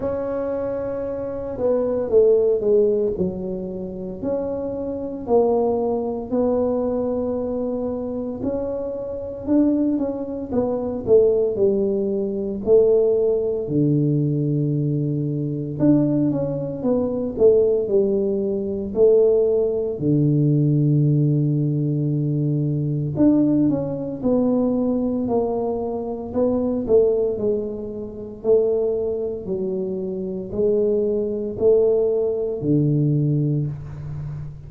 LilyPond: \new Staff \with { instrumentName = "tuba" } { \time 4/4 \tempo 4 = 57 cis'4. b8 a8 gis8 fis4 | cis'4 ais4 b2 | cis'4 d'8 cis'8 b8 a8 g4 | a4 d2 d'8 cis'8 |
b8 a8 g4 a4 d4~ | d2 d'8 cis'8 b4 | ais4 b8 a8 gis4 a4 | fis4 gis4 a4 d4 | }